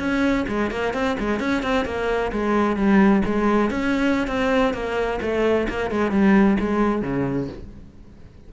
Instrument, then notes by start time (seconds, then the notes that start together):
cello
0.00 C#4
0.48 G#3
0.71 A#3
0.94 C4
1.19 G#3
1.40 C#4
1.63 C4
1.86 A#3
2.32 G#3
2.77 G3
3.26 G#3
3.71 C#4
4.28 C4
4.74 A#3
5.22 A3
5.69 A#3
5.91 G#3
6.12 G3
6.60 G#3
7.02 C#3